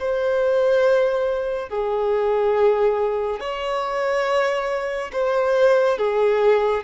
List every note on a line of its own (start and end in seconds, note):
0.00 1.70 C5
1.70 3.41 G#4
3.41 5.12 C#5
5.13 5.98 C5
5.98 6.84 G#4